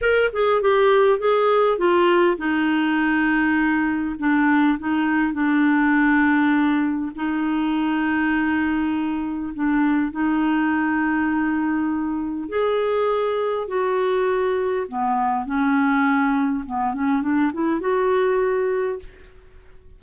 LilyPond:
\new Staff \with { instrumentName = "clarinet" } { \time 4/4 \tempo 4 = 101 ais'8 gis'8 g'4 gis'4 f'4 | dis'2. d'4 | dis'4 d'2. | dis'1 |
d'4 dis'2.~ | dis'4 gis'2 fis'4~ | fis'4 b4 cis'2 | b8 cis'8 d'8 e'8 fis'2 | }